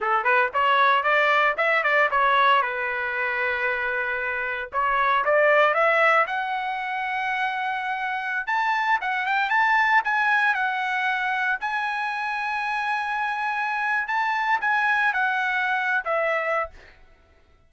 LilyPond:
\new Staff \with { instrumentName = "trumpet" } { \time 4/4 \tempo 4 = 115 a'8 b'8 cis''4 d''4 e''8 d''8 | cis''4 b'2.~ | b'4 cis''4 d''4 e''4 | fis''1~ |
fis''16 a''4 fis''8 g''8 a''4 gis''8.~ | gis''16 fis''2 gis''4.~ gis''16~ | gis''2. a''4 | gis''4 fis''4.~ fis''16 e''4~ e''16 | }